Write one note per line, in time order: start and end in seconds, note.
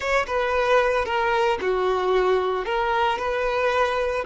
0.00 0.26 C#5
0.26 1.05 B4
1.05 1.58 A#4
1.61 2.65 F#4
2.65 3.18 A#4
3.18 4.24 B4